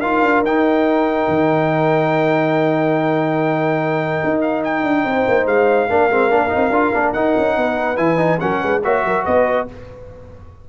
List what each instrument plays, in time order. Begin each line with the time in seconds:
0.00 tuba D#4, trombone F4, horn A#4, trumpet F5
0.22 tuba D4
0.43 tuba D#4, trombone D#4, trumpet G5
1.28 tuba D#3
4.25 tuba D#4
4.42 trumpet F5
4.64 trumpet G5
4.84 tuba D4
5.05 tuba C4, horn C5
5.28 tuba A#3
5.47 tuba G#3, trumpet F5
5.89 tuba A#3, trombone D4, horn A#4
6.10 tuba G#3, trombone C4
6.30 tuba A#3, trombone D4
6.49 trombone D#4
6.56 tuba C4
6.70 tuba D4, trombone F4
6.94 tuba A#3, trombone D4
7.13 tuba D#4, trombone D#4, trumpet F#5
7.38 tuba C#4
7.57 tuba B3, horn B4
7.97 tuba E3, trombone E4, trumpet G#5
8.18 trombone D#4
8.40 tuba F#3, trombone C#4, horn A#4, trumpet F#5
8.60 tuba G#3, horn B4
8.84 tuba A#3, trombone F#4, horn C#5, trumpet E5
9.04 tuba F#3, horn A#4
9.25 tuba B3, horn B4, trumpet D#5